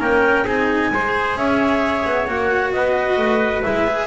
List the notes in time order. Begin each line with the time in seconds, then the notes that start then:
0.00 A#3 C#4 A#4 G5
0.45 C4 D#4 G#4 G#5
0.91 G#3 G#4 C5
1.36 C#4 C#5 E5
2.05 B3
2.28 A#3 F#4 F#5
2.72 B3 B4 D#5
3.17 A3
3.62 G#3 E4 E5
3.87 G#4